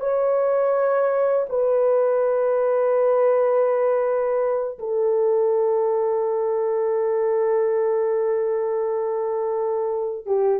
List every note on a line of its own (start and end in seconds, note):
0.00 1.46 C#5
1.49 4.78 B4
4.79 10.26 A4
10.26 10.60 G4